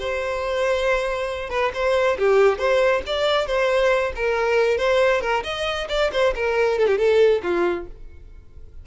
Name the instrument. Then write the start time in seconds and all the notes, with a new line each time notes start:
violin
0.00 C5
1.50 B4
1.74 C5
2.19 G4
2.59 C5
3.07 D5
3.47 C5
4.16 A#4
4.78 C5
5.22 A#4
5.44 D#5
5.89 D5
6.13 C5
6.35 A#4
6.79 A4
6.88 G4
6.98 A4
7.43 F4